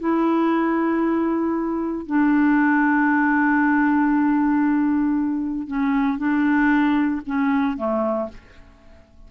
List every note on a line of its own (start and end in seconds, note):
0.00 2.06 E4
2.06 5.67 D4
5.67 6.18 C#4
6.18 7.22 D4
7.26 7.78 C#4
7.78 8.29 A3